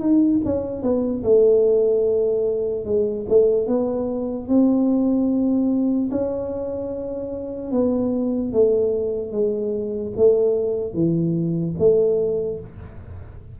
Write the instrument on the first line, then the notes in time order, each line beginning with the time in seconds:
tuba
0.00 D#4
0.45 C#4
0.83 B3
1.23 A3
2.85 G#3
3.29 A3
3.67 B3
4.48 C4
6.11 C#4
7.71 B3
8.52 A3
9.32 G#3
10.17 A3
10.94 E3
11.79 A3